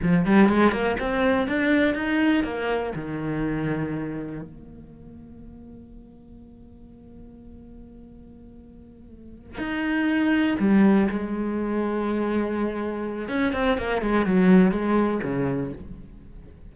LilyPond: \new Staff \with { instrumentName = "cello" } { \time 4/4 \tempo 4 = 122 f8 g8 gis8 ais8 c'4 d'4 | dis'4 ais4 dis2~ | dis4 ais2.~ | ais1~ |
ais2.~ ais8 dis'8~ | dis'4. g4 gis4.~ | gis2. cis'8 c'8 | ais8 gis8 fis4 gis4 cis4 | }